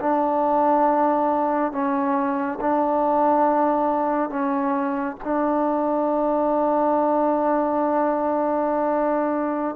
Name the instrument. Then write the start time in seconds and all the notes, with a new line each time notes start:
trombone
0.00 D4
1.72 C#4
2.60 D4
4.30 C#4
5.24 D4